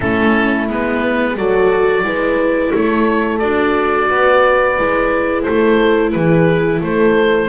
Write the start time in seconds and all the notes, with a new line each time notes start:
0.00 A3 C#4 E4 A4
0.68 G#3 B3 B4
1.37 F#3 F#4 A4 D5
2.03 G#3 E4 B4
2.74 A3 A4 C#5
3.38 D4 F#4 D5
4.09 B3 B4
4.78 G#3 E4
5.42 A3 A4 C5
6.11 E3 G#4 B4
6.80 A3 A4 C5